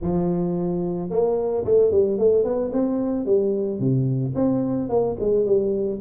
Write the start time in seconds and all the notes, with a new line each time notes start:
0.01 F3
1.09 A#3
1.64 A3
1.91 G3
2.18 A3
2.43 B3
2.72 C4
3.25 G3
3.79 C3
4.35 C4
4.89 A#3
5.20 G#3
5.45 G3